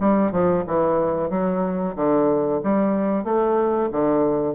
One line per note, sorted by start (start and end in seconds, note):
0.00 0.32 G3
0.32 0.64 F3
0.67 1.30 E3
1.30 1.95 F#3
1.95 2.61 D3
2.64 3.24 G3
3.24 3.89 A3
3.92 4.55 D3